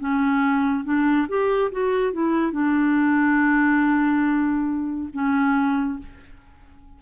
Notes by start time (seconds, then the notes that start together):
0.00 C#4
0.85 D4
1.29 G4
1.72 F#4
2.13 E4
2.52 D4
5.14 C#4